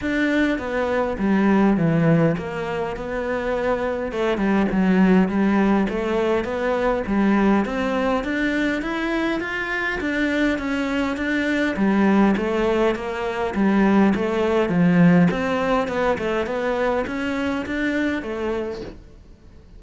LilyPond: \new Staff \with { instrumentName = "cello" } { \time 4/4 \tempo 4 = 102 d'4 b4 g4 e4 | ais4 b2 a8 g8 | fis4 g4 a4 b4 | g4 c'4 d'4 e'4 |
f'4 d'4 cis'4 d'4 | g4 a4 ais4 g4 | a4 f4 c'4 b8 a8 | b4 cis'4 d'4 a4 | }